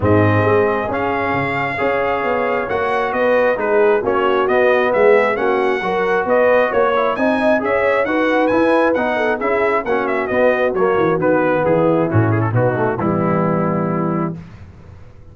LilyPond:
<<
  \new Staff \with { instrumentName = "trumpet" } { \time 4/4 \tempo 4 = 134 dis''2 f''2~ | f''2 fis''4 dis''4 | b'4 cis''4 dis''4 e''4 | fis''2 dis''4 cis''4 |
gis''4 e''4 fis''4 gis''4 | fis''4 e''4 fis''8 e''8 dis''4 | cis''4 b'4 gis'4 fis'8 gis'16 a'16 | fis'4 e'2. | }
  \new Staff \with { instrumentName = "horn" } { \time 4/4 gis'1 | cis''2. b'4 | gis'4 fis'2 gis'4 | fis'4 ais'4 b'4 cis''4 |
dis''4 cis''4 b'2~ | b'8 a'8 gis'4 fis'2~ | fis'2 e'2 | dis'4 b2. | }
  \new Staff \with { instrumentName = "trombone" } { \time 4/4 c'2 cis'2 | gis'2 fis'2 | dis'4 cis'4 b2 | cis'4 fis'2~ fis'8 e'8 |
dis'4 gis'4 fis'4 e'4 | dis'4 e'4 cis'4 b4 | ais4 b2 cis'4 | b8 a8 g2. | }
  \new Staff \with { instrumentName = "tuba" } { \time 4/4 gis,4 gis4 cis'4 cis4 | cis'4 b4 ais4 b4 | gis4 ais4 b4 gis4 | ais4 fis4 b4 ais4 |
c'4 cis'4 dis'4 e'4 | b4 cis'4 ais4 b4 | fis8 e8 dis4 e4 a,4 | b,4 e2. | }
>>